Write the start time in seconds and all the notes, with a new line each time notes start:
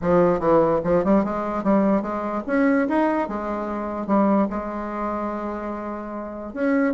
0.01 F3
0.39 E3
0.84 F3
1.04 G3
1.24 G#3
1.63 G3
2.01 G#3
2.47 C#4
2.88 D#4
3.28 G#3
4.06 G3
4.50 G#3
6.53 C#4